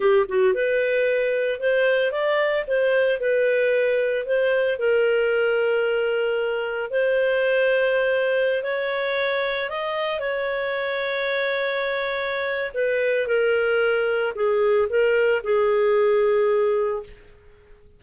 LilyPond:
\new Staff \with { instrumentName = "clarinet" } { \time 4/4 \tempo 4 = 113 g'8 fis'8 b'2 c''4 | d''4 c''4 b'2 | c''4 ais'2.~ | ais'4 c''2.~ |
c''16 cis''2 dis''4 cis''8.~ | cis''1 | b'4 ais'2 gis'4 | ais'4 gis'2. | }